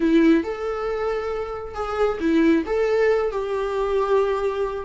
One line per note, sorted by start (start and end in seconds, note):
0.00 0.43 E4
0.43 1.74 A4
1.74 2.18 G#4
2.20 2.64 E4
2.66 3.31 A4
3.31 4.85 G4